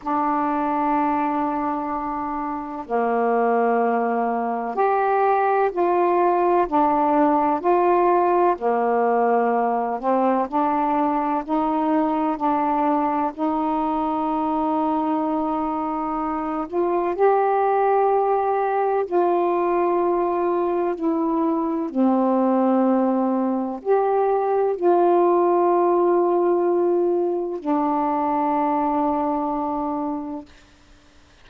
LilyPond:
\new Staff \with { instrumentName = "saxophone" } { \time 4/4 \tempo 4 = 63 d'2. ais4~ | ais4 g'4 f'4 d'4 | f'4 ais4. c'8 d'4 | dis'4 d'4 dis'2~ |
dis'4. f'8 g'2 | f'2 e'4 c'4~ | c'4 g'4 f'2~ | f'4 d'2. | }